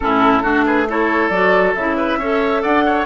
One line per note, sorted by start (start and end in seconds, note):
0.00 0.44 A2
0.00 0.43 C#4
0.00 0.42 E4
0.00 0.64 A4
0.42 1.29 A3
0.42 0.86 D4
0.42 0.64 F#4
0.65 0.87 G#4
0.65 0.88 B4
0.88 1.32 E4
0.88 1.97 A4
0.88 1.30 C#5
1.29 1.73 F#3
1.29 1.76 F#4
1.29 1.73 D5
1.74 2.18 C#3
1.74 2.21 E4
1.74 2.62 E5
1.97 2.18 B4
2.18 2.61 C#4
2.18 3.06 A4
2.18 2.62 C#5
2.62 3.06 D4
2.62 2.84 D5
2.62 3.06 F#5
2.85 3.06 C#5